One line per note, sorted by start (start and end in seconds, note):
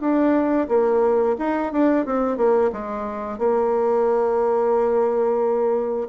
0.00 0.67 D4
0.68 1.35 A#3
1.38 1.72 D#4
1.72 2.05 D4
2.05 2.37 C4
2.37 2.70 A#3
2.72 3.38 G#3
3.38 6.08 A#3